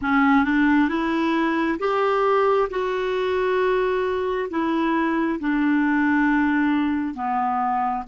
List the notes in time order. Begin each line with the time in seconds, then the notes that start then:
0.01 C#4
0.44 D4
0.88 E4
1.79 G4
2.69 F#4
4.49 E4
5.39 D4
7.14 B3